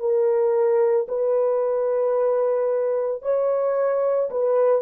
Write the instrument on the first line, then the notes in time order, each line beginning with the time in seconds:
horn
0.00 A#4
1.09 B4
3.22 C#5
4.31 B4